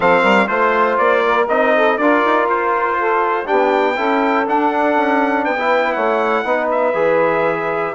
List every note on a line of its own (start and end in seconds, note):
0.00 0.23 F3
0.00 0.47 C4
0.00 0.21 A4
0.00 0.47 F5
0.21 0.48 G3
0.21 0.46 A#4
0.47 0.98 A3
0.47 1.46 F4
0.47 0.97 C5
0.47 1.24 C5
0.97 1.48 A#3
0.97 1.47 D5
1.25 1.75 A#4
1.48 1.98 C4
1.48 1.99 D#4
1.48 1.97 D#5
1.75 2.00 A4
1.97 2.23 D4
1.97 3.45 F4
1.97 2.98 A#4
1.97 2.47 D5
2.25 2.45 D#4
2.45 3.44 F4
2.45 3.47 C5
2.98 3.44 A4
3.44 3.95 D4
3.44 3.93 G4
3.44 4.46 G5
3.50 3.98 B3
3.96 4.47 C#4
3.96 4.45 E4
3.96 5.43 A4
4.46 5.57 D4
4.46 4.96 D4
4.46 5.45 F#5
4.96 5.46 C#4
5.43 5.96 B3
5.43 5.93 B4
5.43 5.92 G5
5.58 6.45 E4
5.92 6.43 A3
5.92 6.43 C#5
5.92 6.67 F#5
6.43 6.93 B3
6.43 6.94 D#4
6.43 7.94 B4
6.71 7.94 E5
6.93 7.92 E3
6.93 7.93 G#4